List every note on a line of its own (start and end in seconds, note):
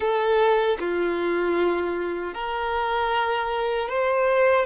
0.00 0.77 A4
0.79 2.34 F4
2.34 3.89 A#4
3.89 4.65 C5